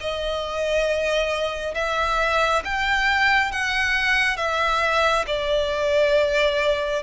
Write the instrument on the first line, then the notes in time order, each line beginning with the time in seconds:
violin
0.00 D#5
1.74 E5
2.64 G5
3.51 F#5
4.36 E5
5.27 D5